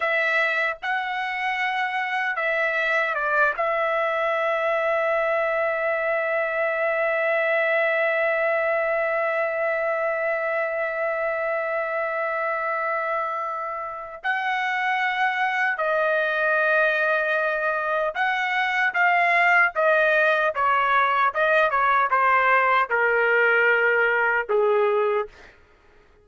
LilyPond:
\new Staff \with { instrumentName = "trumpet" } { \time 4/4 \tempo 4 = 76 e''4 fis''2 e''4 | d''8 e''2.~ e''8~ | e''1~ | e''1~ |
e''2 fis''2 | dis''2. fis''4 | f''4 dis''4 cis''4 dis''8 cis''8 | c''4 ais'2 gis'4 | }